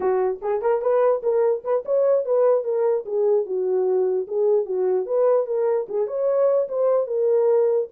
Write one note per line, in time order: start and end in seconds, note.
0.00 0.39 F#4
0.41 0.61 G#4
0.61 0.81 A#4
0.81 1.22 B4
1.22 1.63 A#4
1.63 1.84 B4
1.85 2.25 C#5
2.25 2.64 B4
2.64 3.04 A#4
3.05 3.45 G#4
3.45 4.26 F#4
4.27 4.65 G#4
4.65 5.06 F#4
5.06 5.46 B4
5.46 5.87 A#4
5.89 6.07 G#4
6.07 6.68 C#5
6.68 7.06 C5
7.06 7.87 A#4